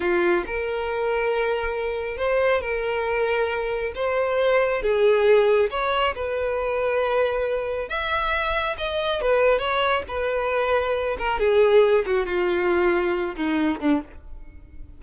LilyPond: \new Staff \with { instrumentName = "violin" } { \time 4/4 \tempo 4 = 137 f'4 ais'2.~ | ais'4 c''4 ais'2~ | ais'4 c''2 gis'4~ | gis'4 cis''4 b'2~ |
b'2 e''2 | dis''4 b'4 cis''4 b'4~ | b'4. ais'8 gis'4. fis'8 | f'2~ f'8 dis'4 d'8 | }